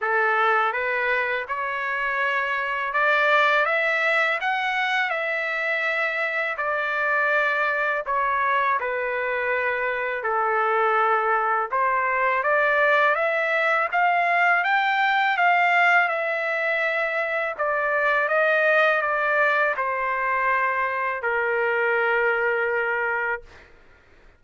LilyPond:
\new Staff \with { instrumentName = "trumpet" } { \time 4/4 \tempo 4 = 82 a'4 b'4 cis''2 | d''4 e''4 fis''4 e''4~ | e''4 d''2 cis''4 | b'2 a'2 |
c''4 d''4 e''4 f''4 | g''4 f''4 e''2 | d''4 dis''4 d''4 c''4~ | c''4 ais'2. | }